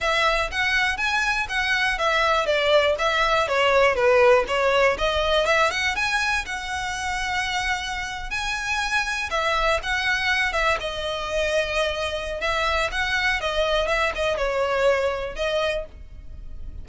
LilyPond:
\new Staff \with { instrumentName = "violin" } { \time 4/4 \tempo 4 = 121 e''4 fis''4 gis''4 fis''4 | e''4 d''4 e''4 cis''4 | b'4 cis''4 dis''4 e''8 fis''8 | gis''4 fis''2.~ |
fis''8. gis''2 e''4 fis''16~ | fis''4~ fis''16 e''8 dis''2~ dis''16~ | dis''4 e''4 fis''4 dis''4 | e''8 dis''8 cis''2 dis''4 | }